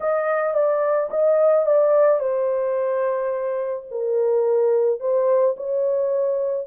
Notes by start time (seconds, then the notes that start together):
0.00 D#5
0.54 D5
1.10 D#5
1.66 D5
2.19 C5
3.90 A#4
4.99 C5
5.57 C#5